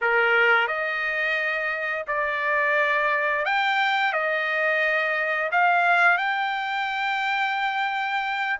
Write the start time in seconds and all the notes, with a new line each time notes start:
0.01 A#4
0.67 D#5
2.07 D5
3.45 G5
4.12 D#5
5.51 F5
6.17 G5